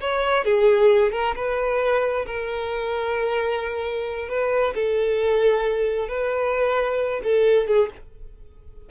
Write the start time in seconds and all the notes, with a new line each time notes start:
0.00 C#5
0.44 G#4
1.12 A#4
1.35 B4
2.26 A#4
4.28 B4
4.74 A4
6.08 B4
7.23 A4
7.67 G#4